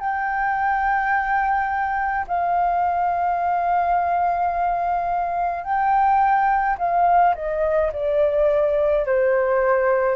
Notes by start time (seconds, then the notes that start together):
0.00 G5
2.28 F5
5.64 G5
6.79 F5
7.35 D#5
7.93 D5
9.06 C5